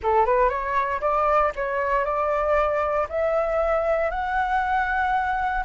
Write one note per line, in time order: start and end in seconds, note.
0.03 0.25 A4
0.25 0.49 B4
0.49 1.00 C#5
1.00 1.52 D5
1.55 2.04 C#5
2.04 3.07 D5
3.09 4.10 E5
4.10 5.64 F#5